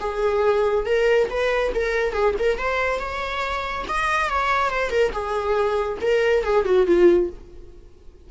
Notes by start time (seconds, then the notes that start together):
0.00 G#4
0.86 A#4
1.30 B4
1.75 A#4
2.13 G#4
2.39 A#4
2.58 C5
2.99 C#5
3.88 D#5
4.29 C#5
4.70 C5
4.90 A#4
5.12 G#4
6.01 A#4
6.44 G#4
6.65 F#4
6.86 F4